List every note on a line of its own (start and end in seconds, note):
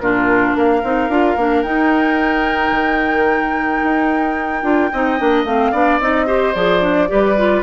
0.00 0.55 A#2
0.00 0.83 D4
0.00 0.57 F4
0.00 0.55 A#4
0.55 0.83 A#3
0.55 4.93 A#4
0.55 1.63 F5
0.84 1.09 C4
0.84 1.11 D#4
1.09 1.36 D4
1.09 1.38 F4
1.36 1.64 A#3
1.36 1.66 D4
1.63 2.72 D#4
1.63 4.63 D#4
1.63 5.44 G5
2.72 3.81 D#3
3.83 4.63 D#4
4.63 4.90 D4
4.63 4.90 F4
4.93 5.20 C4
4.93 5.19 D#4
4.93 5.72 D#5
5.19 5.45 A#3
5.19 5.46 D4
5.45 5.72 A3
5.45 5.74 C4
5.45 6.00 F5
5.72 6.00 B3
5.72 6.01 D4
5.72 6.26 D5
6.00 6.55 C4
6.00 6.27 D#4
6.00 6.54 D#5
6.27 6.54 G4
6.27 7.09 C5
6.54 7.10 F3
6.54 6.81 G#4
6.54 7.63 D5
6.81 7.08 D4
7.08 7.64 G3
7.08 7.36 G4
7.08 7.64 B4
7.38 7.64 F4